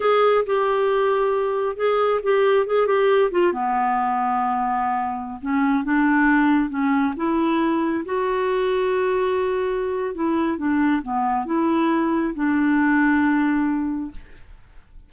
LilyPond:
\new Staff \with { instrumentName = "clarinet" } { \time 4/4 \tempo 4 = 136 gis'4 g'2. | gis'4 g'4 gis'8 g'4 f'8 | b1~ | b16 cis'4 d'2 cis'8.~ |
cis'16 e'2 fis'4.~ fis'16~ | fis'2. e'4 | d'4 b4 e'2 | d'1 | }